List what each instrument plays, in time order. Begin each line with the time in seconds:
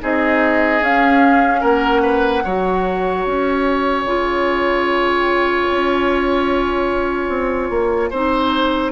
0.00 bassoon C4, clarinet D#4, oboe G#4, flute D#5
0.81 bassoon C#4, clarinet C#4, flute F5
1.61 bassoon A#3, oboe A#4, flute F#5
2.02 oboe B4
2.44 bassoon F#3, clarinet F#4, oboe C#5
3.24 bassoon C#4, flute G#5
4.04 bassoon C#3, clarinet F4
5.71 bassoon C#4
7.29 bassoon C4
7.70 bassoon A#3
8.10 bassoon C4, clarinet D#4, oboe C5